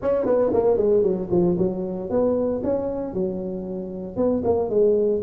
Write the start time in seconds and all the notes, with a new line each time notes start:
0.01 C#4
0.25 B3
0.53 A#3
0.77 G#3
1.02 F#3
1.30 F3
1.58 F#3
2.09 B3
2.63 C#4
3.13 F#3
4.16 B3
4.44 A#3
4.69 G#3